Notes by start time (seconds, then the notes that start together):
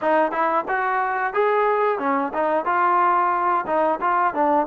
0.01 D#4
0.31 E4
0.68 F#4
1.33 G#4
1.98 C#4
2.33 D#4
2.65 F4
3.66 D#4
4.01 F4
4.34 D4